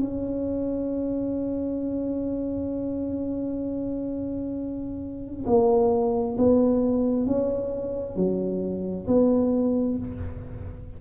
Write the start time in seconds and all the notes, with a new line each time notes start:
0.00 C#4
5.46 A#3
6.38 B3
7.27 C#4
8.16 F#3
9.07 B3